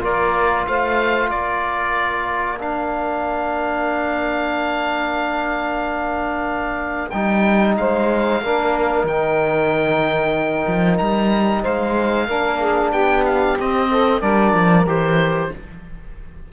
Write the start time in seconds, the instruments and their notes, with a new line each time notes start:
0.00 cello A#3, trombone F4, saxophone A#4, oboe D5
0.67 cello A3, saxophone C5, oboe F5
1.29 cello A#3, saxophone A#4, oboe D5
2.59 trombone D4, oboe F5
7.10 cello G3, trombone D#4, oboe G5
7.77 cello G#3, saxophone C5, oboe F5
8.41 cello A#3, trombone D4, saxophone A#4
9.04 cello D#3, trombone D#4, oboe G5
10.67 cello F3
10.98 cello G3, oboe A#5
11.62 cello G#3, saxophone C5, oboe F5
12.27 cello A#3, trombone D4, saxophone A#4
12.59 saxophone G#4
12.91 cello B3, saxophone G4, oboe G5
13.26 oboe F5
13.60 cello C4, trombone C4, oboe D#5
13.91 saxophone A4
14.20 cello G3, trombone D4, saxophone A#4, oboe D5
14.54 cello F3
14.86 cello E3, trombone G4, oboe C5